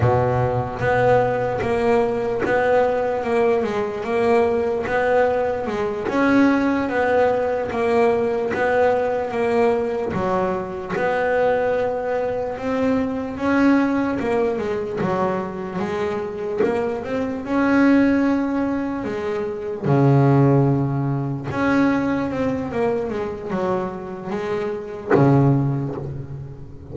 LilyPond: \new Staff \with { instrumentName = "double bass" } { \time 4/4 \tempo 4 = 74 b,4 b4 ais4 b4 | ais8 gis8 ais4 b4 gis8 cis'8~ | cis'8 b4 ais4 b4 ais8~ | ais8 fis4 b2 c'8~ |
c'8 cis'4 ais8 gis8 fis4 gis8~ | gis8 ais8 c'8 cis'2 gis8~ | gis8 cis2 cis'4 c'8 | ais8 gis8 fis4 gis4 cis4 | }